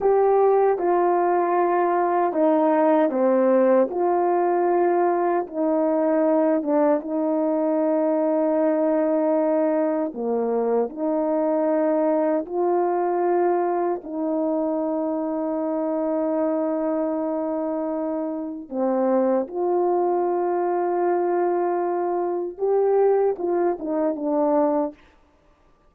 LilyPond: \new Staff \with { instrumentName = "horn" } { \time 4/4 \tempo 4 = 77 g'4 f'2 dis'4 | c'4 f'2 dis'4~ | dis'8 d'8 dis'2.~ | dis'4 ais4 dis'2 |
f'2 dis'2~ | dis'1 | c'4 f'2.~ | f'4 g'4 f'8 dis'8 d'4 | }